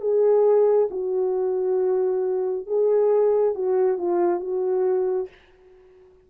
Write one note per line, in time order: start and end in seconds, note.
0.00 0.88 G#4
0.90 2.66 F#4
2.66 3.55 G#4
3.55 3.97 F#4
3.97 4.40 F4
4.40 5.28 F#4